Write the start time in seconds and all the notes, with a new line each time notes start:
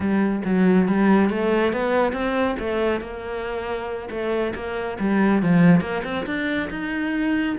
0.00 G3
0.45 F#3
0.88 G3
1.29 A3
1.72 B3
2.12 C4
2.59 A3
3.01 A#3
4.10 A3
4.54 A#3
4.99 G3
5.42 F3
5.81 A#3
6.04 C4
6.26 D4
6.69 D#4